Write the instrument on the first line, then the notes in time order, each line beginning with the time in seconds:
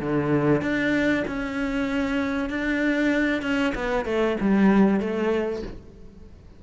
cello
0.00 D3
0.61 D4
1.27 C#4
2.50 D4
3.42 C#4
3.75 B3
4.05 A3
4.40 G3
5.00 A3